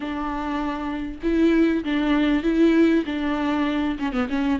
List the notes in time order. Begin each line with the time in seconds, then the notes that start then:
0.00 D4
1.22 E4
1.84 D4
2.43 E4
3.05 D4
3.99 C#4
4.12 B3
4.29 C#4